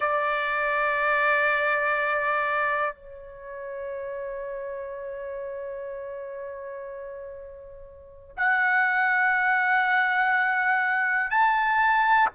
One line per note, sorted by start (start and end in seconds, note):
0.00 2.94 D5
2.94 8.35 C#5
8.36 11.30 F#5
11.30 12.28 A5